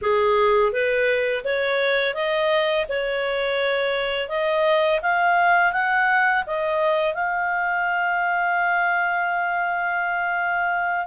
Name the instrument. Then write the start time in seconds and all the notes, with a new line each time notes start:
clarinet
0.01 G#4
0.72 B4
1.44 C#5
2.14 D#5
2.88 C#5
4.28 D#5
5.02 F5
5.72 F#5
6.46 D#5
7.14 F5